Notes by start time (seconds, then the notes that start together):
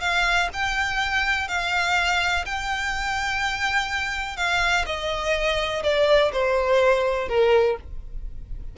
0.00 F5
0.53 G5
1.47 F5
2.45 G5
4.36 F5
4.86 D#5
5.83 D5
6.32 C5
7.28 A#4